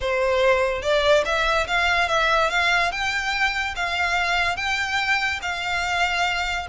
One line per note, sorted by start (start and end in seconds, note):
0.00 0.82 C5
0.82 1.23 D5
1.25 1.66 E5
1.67 2.08 F5
2.08 2.50 E5
2.50 2.91 F5
2.91 3.74 G5
3.75 4.56 F5
4.56 5.39 G5
5.42 6.67 F5